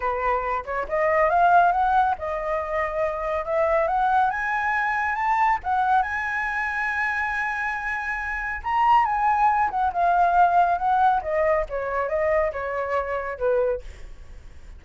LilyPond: \new Staff \with { instrumentName = "flute" } { \time 4/4 \tempo 4 = 139 b'4. cis''8 dis''4 f''4 | fis''4 dis''2. | e''4 fis''4 gis''2 | a''4 fis''4 gis''2~ |
gis''1 | ais''4 gis''4. fis''8 f''4~ | f''4 fis''4 dis''4 cis''4 | dis''4 cis''2 b'4 | }